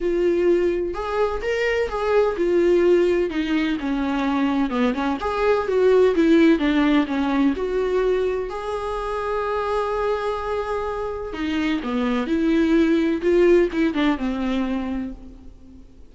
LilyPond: \new Staff \with { instrumentName = "viola" } { \time 4/4 \tempo 4 = 127 f'2 gis'4 ais'4 | gis'4 f'2 dis'4 | cis'2 b8 cis'8 gis'4 | fis'4 e'4 d'4 cis'4 |
fis'2 gis'2~ | gis'1 | dis'4 b4 e'2 | f'4 e'8 d'8 c'2 | }